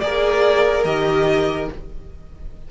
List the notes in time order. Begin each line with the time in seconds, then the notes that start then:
0.00 A#3 G#4 A#4 D5
0.84 D#3 G4 D#5